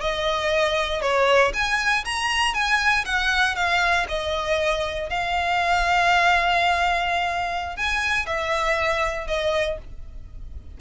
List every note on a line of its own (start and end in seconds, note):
0.00 1.01 D#5
1.01 1.52 C#5
1.53 2.04 G#5
2.05 2.54 A#5
2.54 3.04 G#5
3.05 3.55 F#5
3.55 4.06 F5
4.08 5.09 D#5
5.09 7.76 F5
7.76 8.26 G#5
8.26 9.27 E5
9.27 9.78 D#5